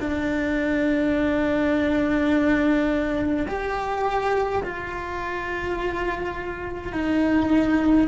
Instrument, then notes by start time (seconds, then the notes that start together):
cello
0.00 D4
3.47 G4
4.63 F4
6.92 D#4